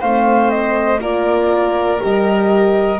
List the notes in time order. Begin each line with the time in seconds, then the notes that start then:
0.00 A3 C4 C5 F5
0.51 D#5
1.01 A#3 F4 A#4 D5
1.99 G3 G4 D#5